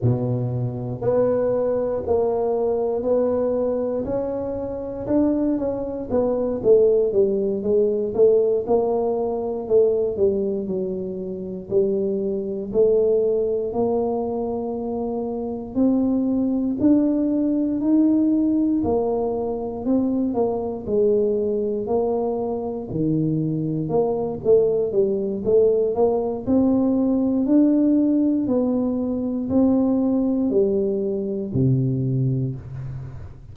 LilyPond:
\new Staff \with { instrumentName = "tuba" } { \time 4/4 \tempo 4 = 59 b,4 b4 ais4 b4 | cis'4 d'8 cis'8 b8 a8 g8 gis8 | a8 ais4 a8 g8 fis4 g8~ | g8 a4 ais2 c'8~ |
c'8 d'4 dis'4 ais4 c'8 | ais8 gis4 ais4 dis4 ais8 | a8 g8 a8 ais8 c'4 d'4 | b4 c'4 g4 c4 | }